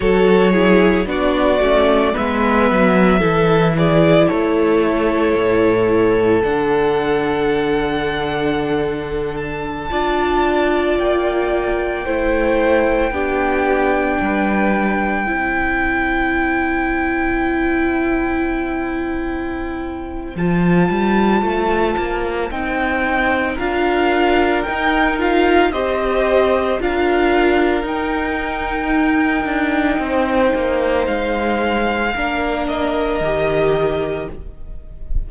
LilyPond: <<
  \new Staff \with { instrumentName = "violin" } { \time 4/4 \tempo 4 = 56 cis''4 d''4 e''4. d''8 | cis''2 fis''2~ | fis''8. a''4. g''4.~ g''16~ | g''1~ |
g''2. a''4~ | a''4 g''4 f''4 g''8 f''8 | dis''4 f''4 g''2~ | g''4 f''4. dis''4. | }
  \new Staff \with { instrumentName = "violin" } { \time 4/4 a'8 gis'8 fis'4 b'4 a'8 gis'8 | a'1~ | a'4~ a'16 d''2 c''8.~ | c''16 g'4 b'4 c''4.~ c''16~ |
c''1~ | c''2 ais'2 | c''4 ais'2. | c''2 ais'2 | }
  \new Staff \with { instrumentName = "viola" } { \time 4/4 fis'8 e'8 d'8 cis'8 b4 e'4~ | e'2 d'2~ | d'4~ d'16 f'2 e'8.~ | e'16 d'2 e'4.~ e'16~ |
e'2. f'4~ | f'4 dis'4 f'4 dis'8 f'8 | g'4 f'4 dis'2~ | dis'2 d'4 g'4 | }
  \new Staff \with { instrumentName = "cello" } { \time 4/4 fis4 b8 a8 gis8 fis8 e4 | a4 a,4 d2~ | d4~ d16 d'4 ais4 a8.~ | a16 b4 g4 c'4.~ c'16~ |
c'2. f8 g8 | a8 ais8 c'4 d'4 dis'4 | c'4 d'4 dis'4. d'8 | c'8 ais8 gis4 ais4 dis4 | }
>>